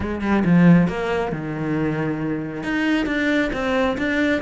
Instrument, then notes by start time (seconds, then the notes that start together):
cello
0.00 G#3
0.21 G3
0.45 F3
0.87 A#3
1.31 D#3
2.63 D#4
3.06 D4
3.52 C4
3.97 D4